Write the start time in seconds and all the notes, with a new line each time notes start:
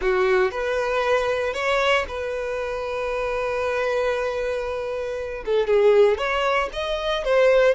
0.01 F#4
0.51 B4
1.53 C#5
2.07 B4
5.45 A4
5.67 G#4
6.17 C#5
6.72 D#5
7.24 C5